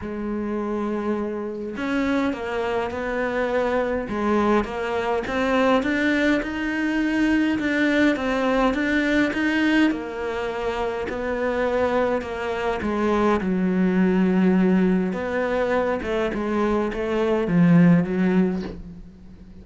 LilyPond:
\new Staff \with { instrumentName = "cello" } { \time 4/4 \tempo 4 = 103 gis2. cis'4 | ais4 b2 gis4 | ais4 c'4 d'4 dis'4~ | dis'4 d'4 c'4 d'4 |
dis'4 ais2 b4~ | b4 ais4 gis4 fis4~ | fis2 b4. a8 | gis4 a4 f4 fis4 | }